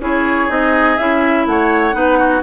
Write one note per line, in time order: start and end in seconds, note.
0.00 0.48 C#4
0.00 0.49 E4
0.00 1.46 G#4
0.00 0.51 C#5
0.49 0.98 C4
0.49 0.97 D#4
0.49 0.98 D#5
0.98 1.47 C#4
0.98 1.93 E4
0.98 1.46 E5
1.47 1.94 A3
1.47 1.96 C#5
1.47 2.43 F#5
1.93 2.42 B3
1.93 2.41 D#4
1.93 2.19 B4
2.19 2.43 F#4